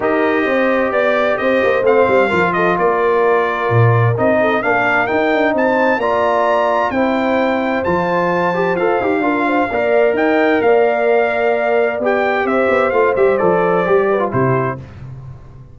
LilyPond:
<<
  \new Staff \with { instrumentName = "trumpet" } { \time 4/4 \tempo 4 = 130 dis''2 d''4 dis''4 | f''4. dis''8 d''2~ | d''4 dis''4 f''4 g''4 | a''4 ais''2 g''4~ |
g''4 a''2 f''4~ | f''2 g''4 f''4~ | f''2 g''4 e''4 | f''8 e''8 d''2 c''4 | }
  \new Staff \with { instrumentName = "horn" } { \time 4/4 ais'4 c''4 d''4 c''4~ | c''4 ais'8 a'8 ais'2~ | ais'4. a'8 ais'2 | c''4 d''2 c''4~ |
c''1 | ais'8 c''8 d''4 dis''4 d''4~ | d''2. c''4~ | c''2~ c''8 b'8 g'4 | }
  \new Staff \with { instrumentName = "trombone" } { \time 4/4 g'1 | c'4 f'2.~ | f'4 dis'4 d'4 dis'4~ | dis'4 f'2 e'4~ |
e'4 f'4. g'8 a'8 g'8 | f'4 ais'2.~ | ais'2 g'2 | f'8 g'8 a'4 g'8. f'16 e'4 | }
  \new Staff \with { instrumentName = "tuba" } { \time 4/4 dis'4 c'4 b4 c'8 ais8 | a8 g8 f4 ais2 | ais,4 c'4 ais4 dis'8 d'8 | c'4 ais2 c'4~ |
c'4 f2 f'8 dis'8 | d'4 ais4 dis'4 ais4~ | ais2 b4 c'8 b8 | a8 g8 f4 g4 c4 | }
>>